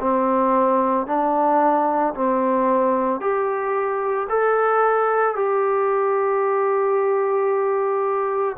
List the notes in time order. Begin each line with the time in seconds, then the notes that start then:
0.00 C4
1.07 D4
2.14 C4
3.20 G4
4.29 A4
5.35 G4